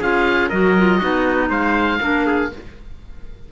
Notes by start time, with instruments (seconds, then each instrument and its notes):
0.00 cello C#4, clarinet F4, trumpet G#4, oboe F5
0.50 cello F#3, clarinet F#4, trumpet A#4, oboe D#5
0.78 clarinet F4
0.99 cello B3, clarinet D#4, trumpet F#4
1.50 cello G#3, trumpet C5, oboe F5
2.01 cello A#3, clarinet D4, trumpet A#4
2.27 trumpet G#4